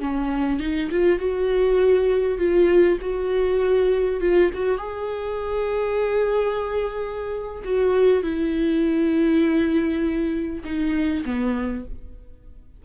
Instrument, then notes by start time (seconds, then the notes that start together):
viola
0.00 C#4
0.60 D#4
0.91 F4
1.19 F#4
2.38 F4
3.01 F#4
4.21 F4
4.54 F#4
4.78 G#4
7.64 F#4
8.23 E4
10.64 D#4
11.25 B3